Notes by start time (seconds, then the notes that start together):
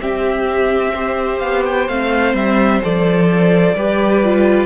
0.00 C4 G4 E5
0.94 G4 C5
1.39 B3 F5
1.65 G5
1.88 A3 C4 F5
2.34 G3 E5
2.81 F3 A4 D5
3.74 G3 G4 B4
4.23 F4